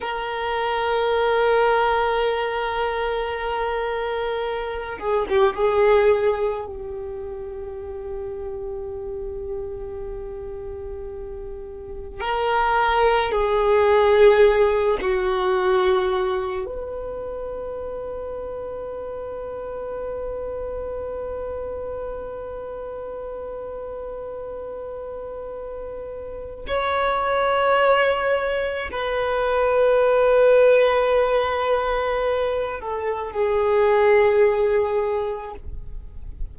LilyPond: \new Staff \with { instrumentName = "violin" } { \time 4/4 \tempo 4 = 54 ais'1~ | ais'8 gis'16 g'16 gis'4 g'2~ | g'2. ais'4 | gis'4. fis'4. b'4~ |
b'1~ | b'1 | cis''2 b'2~ | b'4. a'8 gis'2 | }